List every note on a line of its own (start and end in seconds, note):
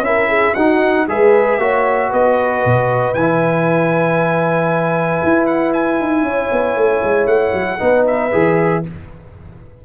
0.00 0.52 C#4
0.00 0.56 E4
0.00 0.28 A#4
0.00 0.54 E5
0.28 0.54 G#4
0.54 1.07 D#4
0.54 1.08 D#4
0.54 1.05 F#4
0.54 1.06 F#5
1.08 1.58 G#3
1.08 1.59 G#4
1.08 1.61 B4
1.08 2.12 E5
1.58 2.10 A#3
1.58 3.15 F#4
1.58 2.09 C#5
2.09 2.64 B3
2.09 6.23 B4
2.09 3.14 D#5
2.65 3.14 B2
3.14 5.21 E3
3.14 7.79 E4
3.14 5.46 G#5
5.23 6.00 E4
5.46 5.72 F#5
5.73 7.27 G#5
6.00 6.22 D#4
6.22 6.48 C#4
6.22 7.80 C#5
6.52 6.76 B3
6.76 7.02 A3
7.03 7.26 G#3
7.26 7.52 A3
7.26 8.04 F#5
7.53 7.79 F#3
7.79 8.33 B3
7.79 8.31 D#4
7.79 8.83 B4
8.07 8.84 E5
8.32 8.85 E3
8.32 8.83 G#4